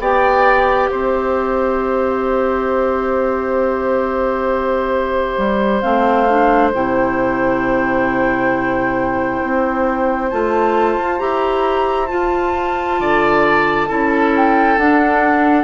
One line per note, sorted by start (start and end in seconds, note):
0.00 0.90 B3
0.00 5.83 G4
0.00 0.90 D5
0.00 0.89 G5
0.89 5.38 C4
0.89 13.00 C5
0.89 5.80 E5
5.38 5.83 G3
5.80 6.74 A3
5.80 6.28 C4
5.80 6.70 F5
6.29 6.74 D4
6.74 9.42 C3
6.74 10.32 E4
6.74 10.30 G5
9.43 10.32 C4
10.30 10.96 A3
10.30 11.19 F4
10.30 11.19 A5
10.96 11.19 F4
11.19 12.11 E4
11.19 12.08 G4
11.19 12.07 A#5
12.07 13.88 F4
12.07 13.00 F4
12.07 14.30 A5
13.00 13.90 D3
13.00 13.88 D5
13.88 14.78 C#4
13.88 14.78 E4
13.88 15.64 A4
14.36 14.79 G5
14.78 15.64 D4
14.78 15.64 F#5